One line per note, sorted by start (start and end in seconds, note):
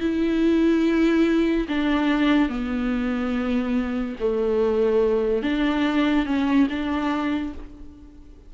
0.00 1.67 E4
1.68 2.49 D4
2.49 4.16 B3
4.20 5.42 A3
5.42 6.25 D4
6.25 6.67 C#4
6.70 7.53 D4